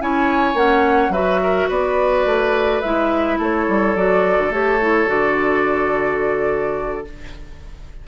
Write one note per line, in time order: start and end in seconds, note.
0.00 0.54 C#4
0.00 0.55 E4
0.00 1.12 C#5
0.00 0.57 G#5
0.54 1.09 A#3
0.54 1.12 C#4
0.54 1.12 F#5
1.09 1.65 F#3
1.09 2.82 F#4
1.09 1.40 B4
1.09 1.69 E5
1.43 1.68 A#4
1.68 2.25 B3
1.68 3.38 B4
1.68 2.81 D5
2.25 2.82 A3
2.81 3.38 G#3
2.81 3.96 E4
2.81 3.38 E5
3.38 3.67 A3
3.38 7.07 A4
3.38 3.96 C#5
3.68 3.95 G3
3.95 4.38 F#3
3.95 4.52 F#4
3.95 4.52 D5
4.39 4.49 D3
4.49 5.06 A3
4.49 4.80 G4
4.49 5.09 C#5
4.81 5.06 E4
5.06 7.07 D3
5.06 7.04 F#4
5.06 7.07 D5